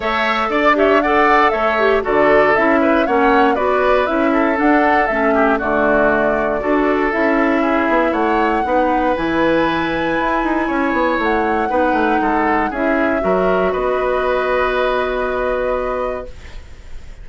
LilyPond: <<
  \new Staff \with { instrumentName = "flute" } { \time 4/4 \tempo 4 = 118 e''4 d''8 e''8 fis''4 e''4 | d''4 e''4 fis''4 d''4 | e''4 fis''4 e''4 d''4~ | d''2 e''2 |
fis''2 gis''2~ | gis''2 fis''2~ | fis''4 e''2 dis''4~ | dis''1 | }
  \new Staff \with { instrumentName = "oboe" } { \time 4/4 cis''4 d''8 cis''8 d''4 cis''4 | a'4. b'8 cis''4 b'4~ | b'8 a'2 g'8 fis'4~ | fis'4 a'2 gis'4 |
cis''4 b'2.~ | b'4 cis''2 b'4 | a'4 gis'4 ais'4 b'4~ | b'1 | }
  \new Staff \with { instrumentName = "clarinet" } { \time 4/4 a'4. g'8 a'4. g'8 | fis'4 e'4 cis'4 fis'4 | e'4 d'4 cis'4 a4~ | a4 fis'4 e'2~ |
e'4 dis'4 e'2~ | e'2. dis'4~ | dis'4 e'4 fis'2~ | fis'1 | }
  \new Staff \with { instrumentName = "bassoon" } { \time 4/4 a4 d'2 a4 | d4 cis'4 ais4 b4 | cis'4 d'4 a4 d4~ | d4 d'4 cis'4. b8 |
a4 b4 e2 | e'8 dis'8 cis'8 b8 a4 b8 a8 | gis4 cis'4 fis4 b4~ | b1 | }
>>